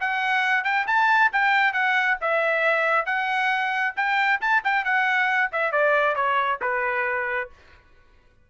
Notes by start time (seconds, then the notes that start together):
0.00 F#5
0.64 G5
0.87 A5
1.32 G5
1.73 F#5
2.21 E5
3.05 F#5
3.96 G5
4.41 A5
4.64 G5
4.84 F#5
5.52 E5
5.71 D5
6.15 C#5
6.61 B4